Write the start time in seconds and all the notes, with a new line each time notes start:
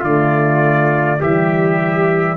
0.00 D3 A3 F4 D5
1.20 E3 G3 G4 E5